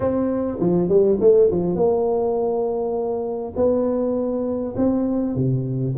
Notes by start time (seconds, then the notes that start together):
0.00 C4
0.59 F3
0.88 G3
1.20 A3
1.50 F3
1.75 A#3
3.56 B3
4.76 C4
5.35 C3